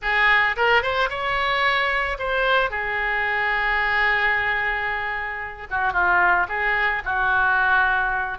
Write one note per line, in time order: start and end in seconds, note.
0.01 0.56 G#4
0.56 0.82 A#4
0.82 1.09 C5
1.09 2.17 C#5
2.19 2.70 C5
2.70 5.67 G#4
5.70 5.92 F#4
5.92 6.46 F4
6.48 7.02 G#4
7.04 8.38 F#4